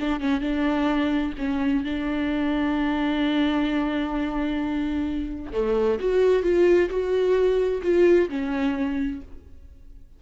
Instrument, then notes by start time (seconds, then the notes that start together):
viola
0.00 D4
0.20 C#4
0.41 D4
1.38 C#4
1.84 D4
5.53 A3
5.99 F#4
6.43 F4
6.90 F#4
7.83 F4
8.29 C#4